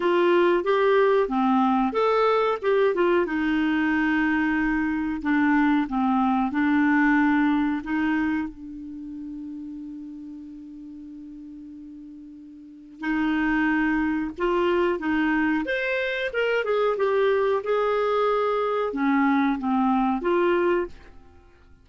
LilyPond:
\new Staff \with { instrumentName = "clarinet" } { \time 4/4 \tempo 4 = 92 f'4 g'4 c'4 a'4 | g'8 f'8 dis'2. | d'4 c'4 d'2 | dis'4 d'2.~ |
d'1 | dis'2 f'4 dis'4 | c''4 ais'8 gis'8 g'4 gis'4~ | gis'4 cis'4 c'4 f'4 | }